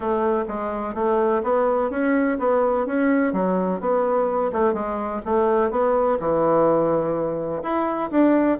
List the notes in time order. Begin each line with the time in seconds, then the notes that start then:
0.00 A3
0.47 G#3
0.94 A3
1.43 B3
1.90 C#4
2.39 B3
2.86 C#4
3.32 F#3
3.80 B3
4.52 A3
4.73 G#3
5.25 A3
5.71 B3
6.19 E3
7.62 E4
8.10 D4